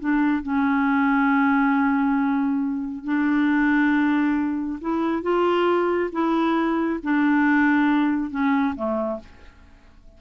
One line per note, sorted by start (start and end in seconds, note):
0.00 0.43 D4
0.43 3.04 C#4
3.04 4.80 D4
4.81 5.23 E4
5.23 6.10 F4
6.13 7.00 E4
7.03 8.31 D4
8.31 8.75 C#4
8.76 9.20 A3